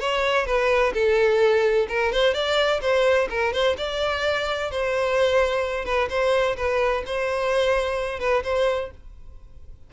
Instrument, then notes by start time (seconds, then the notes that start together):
violin
0.00 C#5
0.47 B4
0.94 A4
1.89 A#4
2.13 C5
2.34 D5
2.82 C5
3.30 A#4
3.53 C5
3.78 D5
4.71 C5
5.86 B4
6.10 C5
6.57 B4
7.07 C5
8.20 B4
8.44 C5